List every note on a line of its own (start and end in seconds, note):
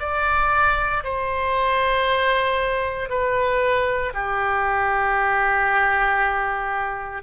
0.00 1.03 D5
1.04 3.09 C5
3.09 4.13 B4
4.14 7.23 G4